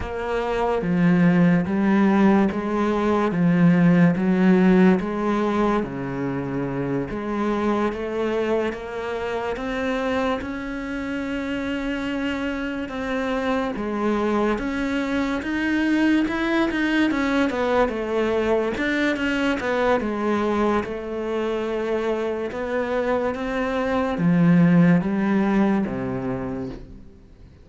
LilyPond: \new Staff \with { instrumentName = "cello" } { \time 4/4 \tempo 4 = 72 ais4 f4 g4 gis4 | f4 fis4 gis4 cis4~ | cis8 gis4 a4 ais4 c'8~ | c'8 cis'2. c'8~ |
c'8 gis4 cis'4 dis'4 e'8 | dis'8 cis'8 b8 a4 d'8 cis'8 b8 | gis4 a2 b4 | c'4 f4 g4 c4 | }